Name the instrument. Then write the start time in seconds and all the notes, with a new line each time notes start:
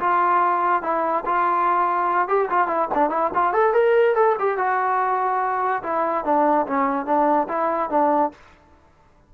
trombone
0.00 F4
0.83 E4
1.26 F4
2.28 G4
2.50 F4
2.68 E4
2.95 D4
3.10 E4
3.34 F4
3.53 A4
3.74 A#4
4.15 A4
4.39 G4
4.58 F#4
5.83 E4
6.25 D4
6.67 C#4
7.06 D4
7.48 E4
7.90 D4